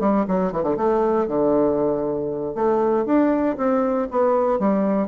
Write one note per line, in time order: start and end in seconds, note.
0.00 0.25 G3
0.28 0.52 F#3
0.52 0.63 E3
0.63 0.76 D3
0.77 1.27 A3
1.27 2.54 D3
2.55 3.05 A3
3.05 3.56 D4
3.57 4.08 C4
4.11 4.59 B3
4.59 5.08 G3